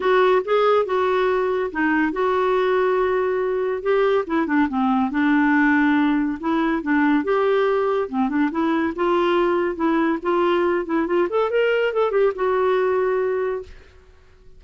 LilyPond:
\new Staff \with { instrumentName = "clarinet" } { \time 4/4 \tempo 4 = 141 fis'4 gis'4 fis'2 | dis'4 fis'2.~ | fis'4 g'4 e'8 d'8 c'4 | d'2. e'4 |
d'4 g'2 c'8 d'8 | e'4 f'2 e'4 | f'4. e'8 f'8 a'8 ais'4 | a'8 g'8 fis'2. | }